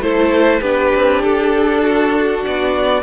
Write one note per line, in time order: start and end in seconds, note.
0.00 0.61 A3
0.00 0.63 E4
0.00 0.61 A4
0.00 0.62 C5
0.61 0.93 B3
0.61 3.03 D4
0.61 1.82 G4
0.61 1.22 B4
0.95 1.24 C4
1.23 2.45 D4
1.23 2.44 A4
1.83 3.03 F#4
2.46 3.03 B3
2.46 3.03 D5